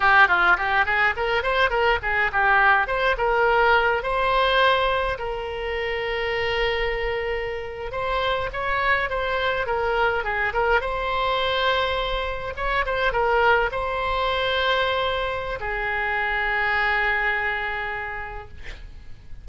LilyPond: \new Staff \with { instrumentName = "oboe" } { \time 4/4 \tempo 4 = 104 g'8 f'8 g'8 gis'8 ais'8 c''8 ais'8 gis'8 | g'4 c''8 ais'4. c''4~ | c''4 ais'2.~ | ais'4.~ ais'16 c''4 cis''4 c''16~ |
c''8. ais'4 gis'8 ais'8 c''4~ c''16~ | c''4.~ c''16 cis''8 c''8 ais'4 c''16~ | c''2. gis'4~ | gis'1 | }